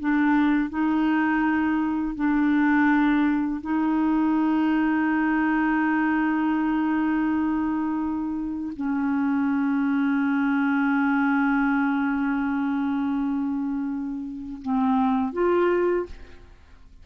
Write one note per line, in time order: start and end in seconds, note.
0.00 0.70 D4
0.70 2.15 D#4
2.15 3.61 D4
3.61 8.73 D#4
8.76 14.62 C#4
14.62 15.33 C4
15.33 16.06 F4